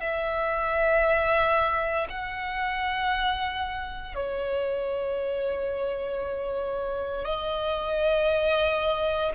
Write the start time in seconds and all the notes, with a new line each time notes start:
0.00 E5
2.09 F#5
4.14 C#5
7.25 D#5